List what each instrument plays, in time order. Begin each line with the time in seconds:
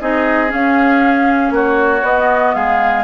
0.00 bassoon C4, clarinet D#4, oboe G#4, flute D#5
0.48 clarinet C#4, bassoon C#4, flute F5
1.50 bassoon A#3, oboe F#4, flute C#5
2.02 bassoon B3, clarinet B3, flute D#5
2.54 bassoon G#3, oboe G#4, flute F5